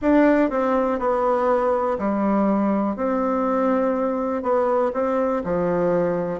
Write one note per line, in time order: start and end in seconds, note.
0.01 0.50 D4
0.50 0.99 C4
0.99 1.97 B3
1.98 2.96 G3
2.96 4.42 C4
4.42 4.91 B3
4.93 5.42 C4
5.44 6.39 F3